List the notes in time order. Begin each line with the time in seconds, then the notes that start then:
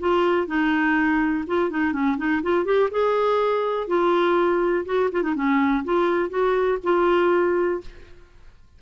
0.00 F4
0.47 D#4
1.47 F4
1.70 D#4
1.93 C#4
2.18 D#4
2.43 F4
2.65 G4
2.91 G#4
3.88 F4
4.85 F#4
5.12 F4
5.23 D#4
5.35 C#4
5.84 F4
6.29 F#4
6.84 F4